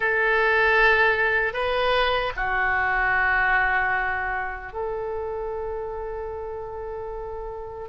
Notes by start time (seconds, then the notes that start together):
0.00 A4
1.53 B4
2.36 F#4
4.73 A4